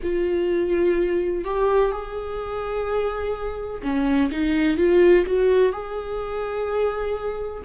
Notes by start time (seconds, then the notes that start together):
0.03 F4
1.44 G4
1.91 G#4
3.82 C#4
4.31 D#4
4.77 F4
5.26 F#4
5.72 G#4